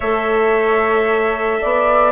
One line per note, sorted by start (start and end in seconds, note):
0.00 1.61 A3
0.00 2.11 A4
0.00 1.59 C#5
0.00 2.11 E5
1.61 2.11 B3
1.61 2.11 D5